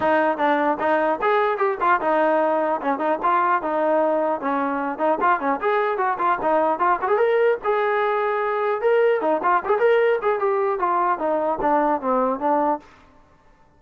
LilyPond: \new Staff \with { instrumentName = "trombone" } { \time 4/4 \tempo 4 = 150 dis'4 d'4 dis'4 gis'4 | g'8 f'8 dis'2 cis'8 dis'8 | f'4 dis'2 cis'4~ | cis'8 dis'8 f'8 cis'8 gis'4 fis'8 f'8 |
dis'4 f'8 fis'16 gis'16 ais'4 gis'4~ | gis'2 ais'4 dis'8 f'8 | g'16 gis'16 ais'4 gis'8 g'4 f'4 | dis'4 d'4 c'4 d'4 | }